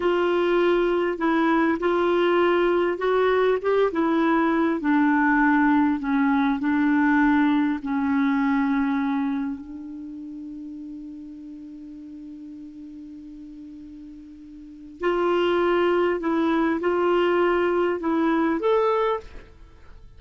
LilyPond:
\new Staff \with { instrumentName = "clarinet" } { \time 4/4 \tempo 4 = 100 f'2 e'4 f'4~ | f'4 fis'4 g'8 e'4. | d'2 cis'4 d'4~ | d'4 cis'2. |
d'1~ | d'1~ | d'4 f'2 e'4 | f'2 e'4 a'4 | }